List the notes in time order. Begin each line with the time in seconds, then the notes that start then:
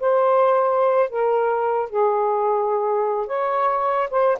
0.00 C5
1.10 A#4
1.89 G#4
3.27 C#5
4.10 C5